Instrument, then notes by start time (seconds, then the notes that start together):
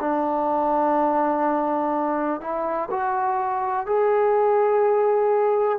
trombone
0.00 D4
2.41 E4
2.91 F#4
3.87 G#4